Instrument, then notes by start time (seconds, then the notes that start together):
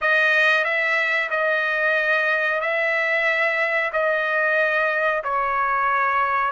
trumpet
0.01 D#5
0.64 E5
1.30 D#5
2.60 E5
3.92 D#5
5.23 C#5